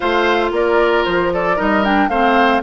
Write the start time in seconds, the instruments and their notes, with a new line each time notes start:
0.00 bassoon A3, clarinet F4, oboe C5, flute F5
0.51 bassoon A#3, oboe A#4, flute D5
1.04 bassoon F3, flute C5
1.33 oboe A4, flute D5
1.56 bassoon G3, clarinet D#4, oboe A#4, flute D#5
1.83 clarinet D4, flute G5
2.08 bassoon A3, clarinet C4, oboe C5, flute F5